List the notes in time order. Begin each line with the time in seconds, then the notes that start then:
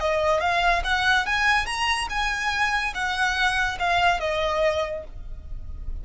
0.00 D#5
0.40 F5
0.84 F#5
1.26 G#5
1.66 A#5
2.09 G#5
2.94 F#5
3.79 F5
4.20 D#5